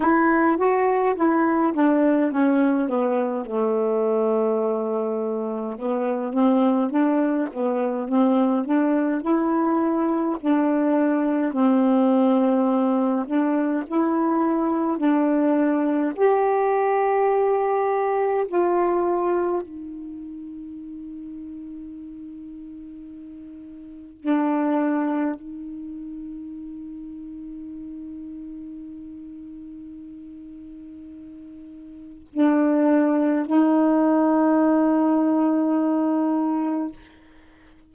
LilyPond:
\new Staff \with { instrumentName = "saxophone" } { \time 4/4 \tempo 4 = 52 e'8 fis'8 e'8 d'8 cis'8 b8 a4~ | a4 b8 c'8 d'8 b8 c'8 d'8 | e'4 d'4 c'4. d'8 | e'4 d'4 g'2 |
f'4 dis'2.~ | dis'4 d'4 dis'2~ | dis'1 | d'4 dis'2. | }